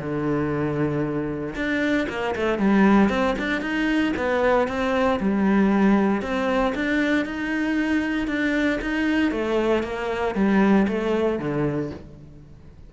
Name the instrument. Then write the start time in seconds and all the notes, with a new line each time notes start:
cello
0.00 D3
1.56 D4
2.09 A#3
2.36 A3
2.59 G3
3.10 C4
3.39 D4
3.62 D#4
4.17 B3
4.68 C4
5.20 G3
6.22 C4
6.75 D4
7.26 D#4
8.28 D4
8.82 D#4
9.32 A3
9.84 A#3
10.36 G3
10.88 A3
11.40 D3